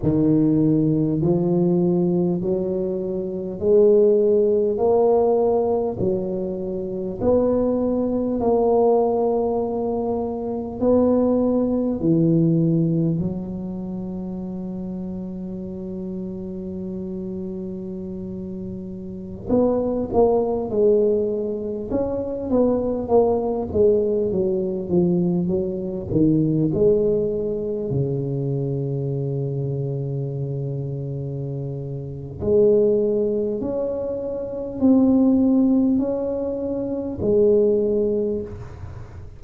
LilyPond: \new Staff \with { instrumentName = "tuba" } { \time 4/4 \tempo 4 = 50 dis4 f4 fis4 gis4 | ais4 fis4 b4 ais4~ | ais4 b4 e4 fis4~ | fis1~ |
fis16 b8 ais8 gis4 cis'8 b8 ais8 gis16~ | gis16 fis8 f8 fis8 dis8 gis4 cis8.~ | cis2. gis4 | cis'4 c'4 cis'4 gis4 | }